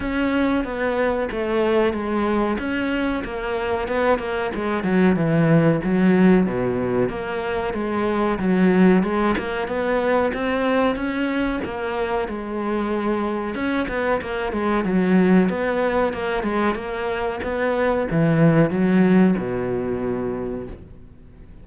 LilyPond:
\new Staff \with { instrumentName = "cello" } { \time 4/4 \tempo 4 = 93 cis'4 b4 a4 gis4 | cis'4 ais4 b8 ais8 gis8 fis8 | e4 fis4 b,4 ais4 | gis4 fis4 gis8 ais8 b4 |
c'4 cis'4 ais4 gis4~ | gis4 cis'8 b8 ais8 gis8 fis4 | b4 ais8 gis8 ais4 b4 | e4 fis4 b,2 | }